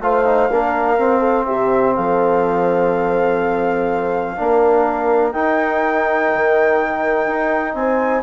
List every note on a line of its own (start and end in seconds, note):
0.00 0.48 A3
0.00 0.25 F4
0.00 0.50 C5
0.00 1.45 F5
0.25 0.50 D#4
0.50 0.97 A#3
0.50 0.98 D4
0.50 1.19 A#4
0.97 1.46 C4
0.97 4.36 C4
1.19 1.44 A4
1.45 1.97 C3
1.45 1.94 G4
1.45 1.94 E5
1.95 4.39 F3
1.95 4.37 A4
1.95 5.32 F5
4.36 5.34 A#3
4.36 5.33 D4
4.36 7.77 A#4
5.32 8.23 D#4
5.32 6.31 D#4
5.32 7.74 G5
6.34 7.26 D#3
7.26 7.74 D#4
7.74 8.22 C4
7.74 8.23 C5
7.74 8.22 G#5